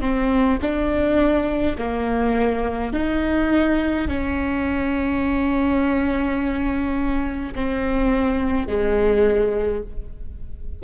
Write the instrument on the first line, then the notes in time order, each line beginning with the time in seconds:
viola
0.00 C4
0.61 D4
1.78 A#3
2.93 D#4
4.08 C#4
7.55 C4
8.67 G#3